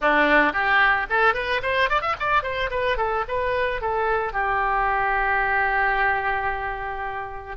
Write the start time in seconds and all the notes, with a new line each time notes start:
0.01 D4
0.53 G4
1.09 A4
1.34 B4
1.62 C5
1.89 D5
2.01 E5
2.19 D5
2.43 C5
2.70 B4
2.97 A4
3.28 B4
3.81 A4
4.32 G4